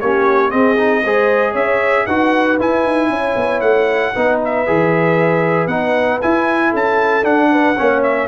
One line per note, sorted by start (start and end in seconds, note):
0.00 0.53 A#3
0.00 0.50 C#4
0.00 0.51 G4
0.00 0.51 C#5
0.50 0.76 C4
0.50 1.05 C4
0.50 1.03 G#4
0.50 1.54 D#5
0.76 1.02 D#4
1.04 1.55 G#3
1.04 2.09 G#4
1.04 1.52 C5
1.52 2.06 C#4
1.52 2.04 C#5
1.52 2.06 E5
2.06 2.59 D#4
2.06 2.59 F#4
2.06 3.10 B4
2.06 2.58 F#5
2.59 2.85 E4
2.59 4.14 E4
2.59 3.61 G#5
2.85 3.09 D#4
3.09 3.35 C#4
3.09 4.14 C#5
3.36 3.61 B3
3.61 4.13 A3
3.61 4.38 F#5
4.14 4.68 B3
4.14 4.66 D#4
4.14 6.70 B4
4.44 5.67 E5
4.66 5.67 E3
4.66 5.69 G#4
5.67 6.19 B3
5.67 6.21 D#4
5.67 6.19 F#5
6.21 7.23 E4
6.21 6.73 E4
6.21 6.73 G#5
6.70 7.24 C#4
6.70 7.48 A4
6.70 7.25 A5
7.23 7.75 D4
7.23 7.76 D4
7.23 8.02 F#5
7.52 7.77 B4
7.77 8.27 A#3
7.77 8.27 C#4
7.77 8.27 C#5
8.03 8.27 E5